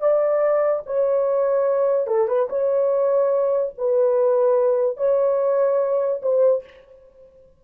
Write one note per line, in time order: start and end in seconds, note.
0.00 0.83 D5
0.86 2.07 C#5
2.07 2.28 A4
2.28 2.49 B4
2.50 3.74 C#5
3.78 4.97 B4
4.97 6.21 C#5
6.23 6.64 C5